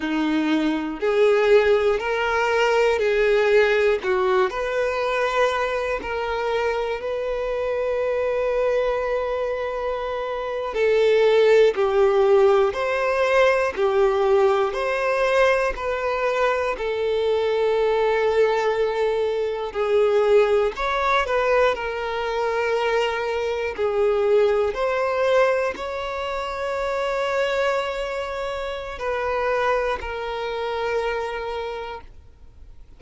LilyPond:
\new Staff \with { instrumentName = "violin" } { \time 4/4 \tempo 4 = 60 dis'4 gis'4 ais'4 gis'4 | fis'8 b'4. ais'4 b'4~ | b'2~ b'8. a'4 g'16~ | g'8. c''4 g'4 c''4 b'16~ |
b'8. a'2. gis'16~ | gis'8. cis''8 b'8 ais'2 gis'16~ | gis'8. c''4 cis''2~ cis''16~ | cis''4 b'4 ais'2 | }